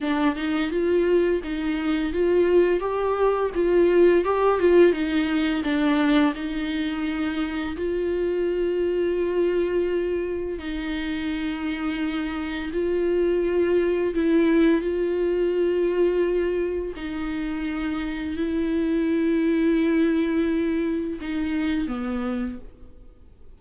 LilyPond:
\new Staff \with { instrumentName = "viola" } { \time 4/4 \tempo 4 = 85 d'8 dis'8 f'4 dis'4 f'4 | g'4 f'4 g'8 f'8 dis'4 | d'4 dis'2 f'4~ | f'2. dis'4~ |
dis'2 f'2 | e'4 f'2. | dis'2 e'2~ | e'2 dis'4 b4 | }